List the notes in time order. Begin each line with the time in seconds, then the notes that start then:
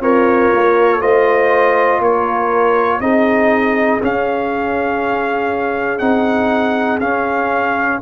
0.00 C4 F4 A#4 C#5
0.52 A#3
1.00 A3 F4 C5 D#5
2.00 A#3 A#4 C#5
3.00 C4 D#4 G#4 D#5
4.02 C#4 F5
5.99 C4 D#4 F#5
7.00 C#4 F5